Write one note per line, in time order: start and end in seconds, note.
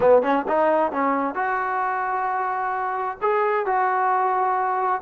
0.00 0.22 B3
0.22 0.45 C#4
0.47 0.91 D#4
0.91 1.34 C#4
1.34 3.17 F#4
3.21 3.65 G#4
3.65 5.01 F#4